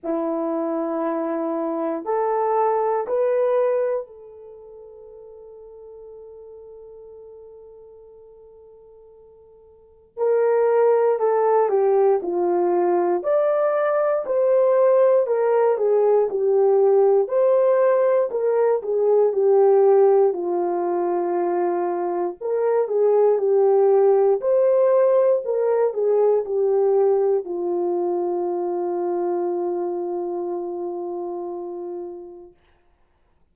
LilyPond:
\new Staff \with { instrumentName = "horn" } { \time 4/4 \tempo 4 = 59 e'2 a'4 b'4 | a'1~ | a'2 ais'4 a'8 g'8 | f'4 d''4 c''4 ais'8 gis'8 |
g'4 c''4 ais'8 gis'8 g'4 | f'2 ais'8 gis'8 g'4 | c''4 ais'8 gis'8 g'4 f'4~ | f'1 | }